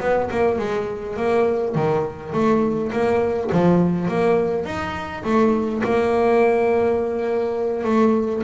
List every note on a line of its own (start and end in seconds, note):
0.00 0.29 B3
0.30 0.59 A#3
0.59 1.17 G#3
1.17 1.75 A#3
1.75 2.33 D#3
2.33 2.91 A3
2.92 3.50 A#3
3.52 4.08 F3
4.08 4.65 A#3
4.65 5.23 D#4
5.23 5.82 A3
5.84 7.84 A#3
7.84 8.42 A3